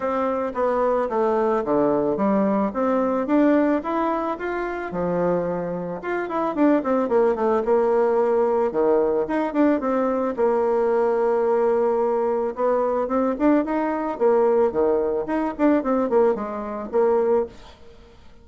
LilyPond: \new Staff \with { instrumentName = "bassoon" } { \time 4/4 \tempo 4 = 110 c'4 b4 a4 d4 | g4 c'4 d'4 e'4 | f'4 f2 f'8 e'8 | d'8 c'8 ais8 a8 ais2 |
dis4 dis'8 d'8 c'4 ais4~ | ais2. b4 | c'8 d'8 dis'4 ais4 dis4 | dis'8 d'8 c'8 ais8 gis4 ais4 | }